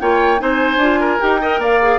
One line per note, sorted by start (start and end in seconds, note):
0.00 0.41 A#3
0.00 0.38 F4
0.00 0.41 C#5
0.00 0.40 G5
0.38 0.77 C4
0.38 0.78 D#4
0.38 1.00 C5
0.38 1.21 G#5
0.77 1.17 D4
0.77 1.20 F4
1.00 1.40 A#4
1.20 1.59 D#4
1.20 1.40 G4
1.20 1.62 G5
1.41 1.82 A#4
1.41 1.60 D#5
1.59 1.99 A#3
1.59 1.99 D5
1.59 1.99 F5
1.82 1.99 G#4